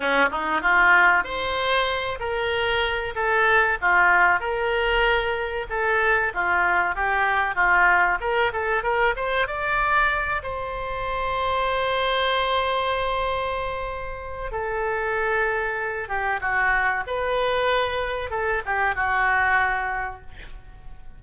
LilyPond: \new Staff \with { instrumentName = "oboe" } { \time 4/4 \tempo 4 = 95 cis'8 dis'8 f'4 c''4. ais'8~ | ais'4 a'4 f'4 ais'4~ | ais'4 a'4 f'4 g'4 | f'4 ais'8 a'8 ais'8 c''8 d''4~ |
d''8 c''2.~ c''8~ | c''2. a'4~ | a'4. g'8 fis'4 b'4~ | b'4 a'8 g'8 fis'2 | }